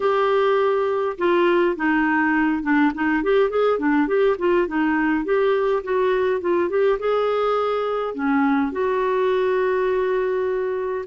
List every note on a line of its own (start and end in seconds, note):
0.00 1.17 G4
1.18 1.76 F4
1.76 2.62 D#4
2.62 2.92 D4
2.94 3.23 D#4
3.23 3.50 G4
3.50 3.78 G#4
3.78 4.07 D4
4.07 4.36 G4
4.38 4.67 F4
4.67 5.24 D#4
5.24 5.83 G4
5.83 6.40 F#4
6.40 6.69 F4
6.69 6.98 G4
6.99 8.14 G#4
8.14 8.72 C#4
8.72 11.05 F#4